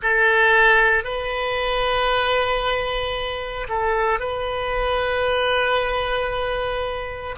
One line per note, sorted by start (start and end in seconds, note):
0.02 1.03 A4
1.03 3.67 B4
3.68 4.19 A4
4.19 7.35 B4